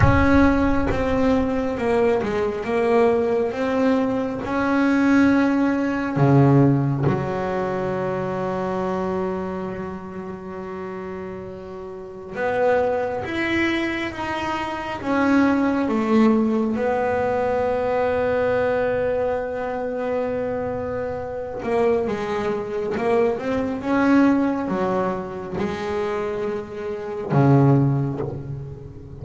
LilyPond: \new Staff \with { instrumentName = "double bass" } { \time 4/4 \tempo 4 = 68 cis'4 c'4 ais8 gis8 ais4 | c'4 cis'2 cis4 | fis1~ | fis2 b4 e'4 |
dis'4 cis'4 a4 b4~ | b1~ | b8 ais8 gis4 ais8 c'8 cis'4 | fis4 gis2 cis4 | }